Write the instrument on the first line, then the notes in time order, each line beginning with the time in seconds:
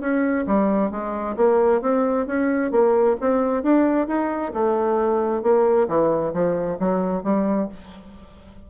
bassoon
0.00 C#4
0.46 G3
0.91 G#3
1.36 A#3
1.81 C4
2.26 C#4
2.71 A#3
3.20 C4
3.63 D4
4.07 D#4
4.53 A3
5.42 A#3
5.88 E3
6.33 F3
6.79 F#3
7.23 G3